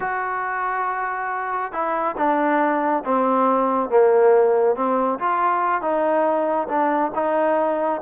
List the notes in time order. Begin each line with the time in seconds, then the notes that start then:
0.00 F#4
1.72 E4
2.17 D4
3.04 C4
3.89 A#3
4.75 C4
5.19 F4
5.81 D#4
6.68 D4
7.14 D#4